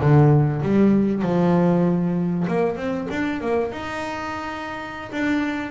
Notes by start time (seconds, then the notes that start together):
0.00 D3
0.62 G3
1.22 F3
2.47 A#3
2.76 C4
3.10 D4
3.41 A#3
3.72 D#4
5.11 D4